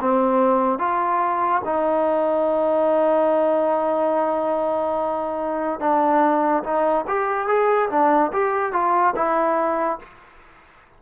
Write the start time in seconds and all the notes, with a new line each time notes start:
0.00 C4
0.78 F4
1.64 D#4
5.79 D4
6.63 D#4
7.07 G4
7.47 G#4
7.89 D4
8.32 G4
8.72 F4
9.16 E4